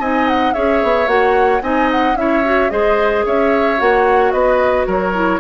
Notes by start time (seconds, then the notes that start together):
0.00 C4 D#4 D#5 G#5
0.29 F#5
0.54 C#4 G#4 C#5 E5
0.83 B3
1.07 A#3 F#4 F#5
1.62 C4 D#4 D#5 G#5
1.92 F#5
2.16 C#4 E4 C#5 E5
2.44 F#4
2.70 G#3 G#4 C5 D#5
3.26 C#4 C#5 E5
3.78 A#3 F#4 F#5
4.32 B3 B4 D#5
4.87 F#3 A#4 C#5
5.14 E4